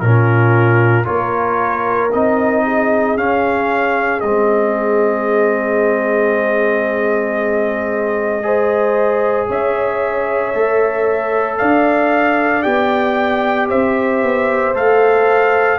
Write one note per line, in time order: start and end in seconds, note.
0.00 1.06 A#2
0.00 1.05 C#4
0.00 1.06 F4
0.00 1.05 A#4
1.05 2.14 A#3
1.05 2.10 F4
1.05 2.64 A#4
1.05 2.11 C#5
2.12 3.18 C4
2.12 3.17 D#4
2.12 3.17 D#5
2.66 8.45 G#4
3.17 4.22 C#4
3.17 4.20 F5
4.20 9.49 G#3
4.20 8.43 C4
4.20 9.47 D#5
8.43 10.53 G#4
8.43 9.48 C5
9.48 10.54 C#4
9.48 11.59 C#5
9.48 11.58 E5
10.54 11.60 A3
10.54 12.63 A4
11.58 12.65 D4
11.58 13.69 D5
11.58 12.63 F5
12.63 13.71 B3
12.63 14.73 G4
12.63 13.68 G5
13.69 14.23 C4
13.69 15.79 C5
13.69 14.75 E5
14.23 14.75 B3
14.74 15.79 A3
14.74 15.79 A4
14.74 15.79 F5